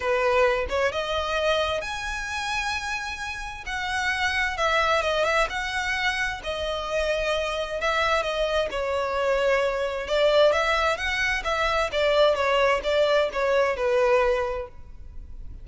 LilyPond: \new Staff \with { instrumentName = "violin" } { \time 4/4 \tempo 4 = 131 b'4. cis''8 dis''2 | gis''1 | fis''2 e''4 dis''8 e''8 | fis''2 dis''2~ |
dis''4 e''4 dis''4 cis''4~ | cis''2 d''4 e''4 | fis''4 e''4 d''4 cis''4 | d''4 cis''4 b'2 | }